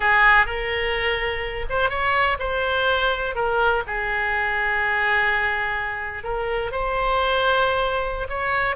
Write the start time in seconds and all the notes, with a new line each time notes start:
0.00 G#4
0.46 A#4
1.69 C5
1.89 C#5
2.39 C5
3.35 A#4
3.87 G#4
6.23 A#4
6.71 C5
8.29 C#5